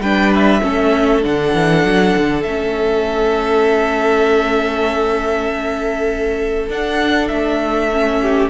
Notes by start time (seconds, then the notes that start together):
0.00 G3 D4 B4 G5
0.35 E5
0.61 A3 C#4 A4
1.22 D3 D4 F#5
1.54 E3
1.84 F#3
2.17 D3
2.43 A3 C#4 E5
6.69 D4 F#5
7.28 A3 E5
7.93 C#4
8.22 G4